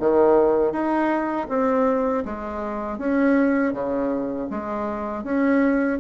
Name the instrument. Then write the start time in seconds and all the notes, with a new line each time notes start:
bassoon
0.00 D#3
0.72 D#4
1.49 C4
2.25 G#3
2.99 C#4
3.73 C#3
4.50 G#3
5.24 C#4